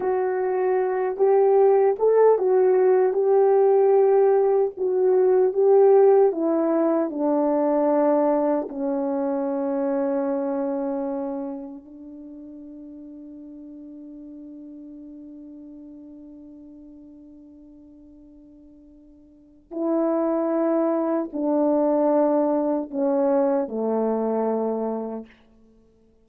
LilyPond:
\new Staff \with { instrumentName = "horn" } { \time 4/4 \tempo 4 = 76 fis'4. g'4 a'8 fis'4 | g'2 fis'4 g'4 | e'4 d'2 cis'4~ | cis'2. d'4~ |
d'1~ | d'1~ | d'4 e'2 d'4~ | d'4 cis'4 a2 | }